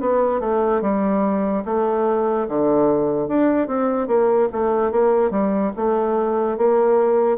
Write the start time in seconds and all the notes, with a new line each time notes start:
0.00 B3
0.40 A3
0.81 G3
1.65 A3
2.48 D3
3.28 D4
3.67 C4
4.07 A#3
4.52 A3
4.91 A#3
5.31 G3
5.76 A3
6.58 A#3